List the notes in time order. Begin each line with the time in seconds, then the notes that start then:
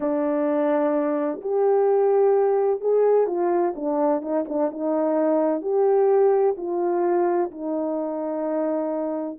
0.00 D4
1.41 G4
2.80 G#4
3.26 F4
3.75 D4
4.21 D#4
4.48 D4
4.70 D#4
5.61 G4
6.57 F4
7.51 D#4